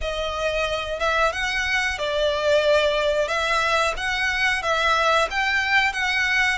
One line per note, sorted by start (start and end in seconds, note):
0.01 0.99 D#5
0.99 1.32 E5
1.32 1.98 F#5
1.98 3.28 D5
3.28 3.94 E5
3.96 4.62 F#5
4.62 5.28 E5
5.30 5.93 G5
5.93 6.58 F#5